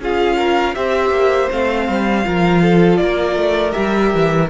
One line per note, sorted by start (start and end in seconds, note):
0.00 0.75 C#4
0.00 0.75 F4
0.00 0.37 G#4
0.00 0.75 F5
0.37 0.75 A#4
0.75 1.10 C4
0.75 1.50 G4
0.75 2.26 C5
0.75 1.50 E5
1.10 1.48 A#3
1.50 1.88 A3
1.50 2.24 C4
1.50 2.97 F5
1.88 2.26 G3
2.24 3.00 F3
2.24 3.71 F4
2.24 2.63 A#4
2.63 3.00 A4
2.97 3.36 A#3
2.97 4.50 A#4
2.97 3.72 D5
3.36 3.73 A3
3.71 4.14 G3
3.71 4.46 G4
3.71 4.47 E5
4.14 4.50 E3